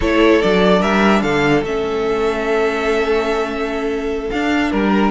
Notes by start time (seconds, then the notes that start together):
0.00 A3 E4 A4 C#5
0.41 F#3 D4 D5
0.79 G3 A#4 E5
1.21 D3 A4 F5
1.62 A3 C#4 E5
4.30 D4 F5
4.71 G3 A#4